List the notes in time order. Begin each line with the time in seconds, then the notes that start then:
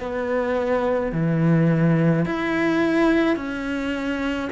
0.00 B3
1.13 E3
2.26 E4
3.37 C#4